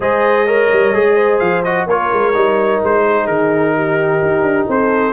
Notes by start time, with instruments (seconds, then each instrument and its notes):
0.00 tuba G#3, trombone G#4, horn C5, trumpet D#5
0.45 trombone A#4, horn C#5
0.72 tuba G3
0.93 tuba G#3, trombone G#4
1.15 horn C5
1.39 tuba F3, trumpet F5
1.64 trombone F#4, trumpet D#5
1.86 tuba A#3, trombone F4, horn A#4, trumpet C#5
2.12 tuba G#3
2.33 tuba G3, trombone D#4
2.83 tuba G#3, trumpet C5
3.10 horn G#4
3.26 tuba D#3, trumpet A#4
3.75 horn G4
4.21 tuba D#4
4.42 tuba D4
4.68 tuba C4, horn A4, trumpet C5